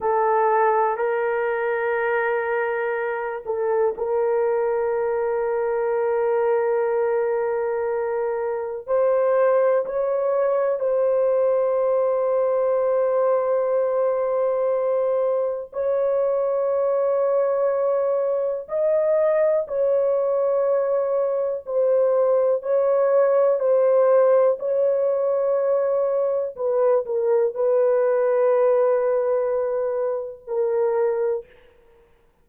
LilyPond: \new Staff \with { instrumentName = "horn" } { \time 4/4 \tempo 4 = 61 a'4 ais'2~ ais'8 a'8 | ais'1~ | ais'4 c''4 cis''4 c''4~ | c''1 |
cis''2. dis''4 | cis''2 c''4 cis''4 | c''4 cis''2 b'8 ais'8 | b'2. ais'4 | }